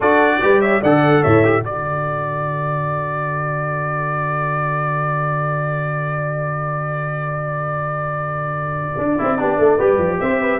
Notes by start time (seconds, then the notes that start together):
0.00 D4 F#4 A4 D5
0.41 G3 G4 B4
0.61 C#5 E5
0.81 D3 A4 D5 F#5
1.22 A2 C#5 E5
1.44 G4
1.61 D3 F#4 A4 D5
8.98 D4
9.17 C4 E4
9.38 B3 D4 G4
9.58 A3 A4
9.77 G3 G4 B4
9.98 F3
10.19 C4 C5 E5
10.40 B4